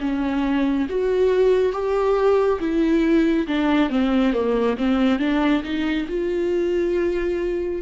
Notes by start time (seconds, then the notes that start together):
0.00 C#4
0.89 F#4
1.72 G4
2.60 E4
3.47 D4
3.90 C4
4.33 A#3
4.77 C4
5.19 D4
5.63 D#4
6.08 F4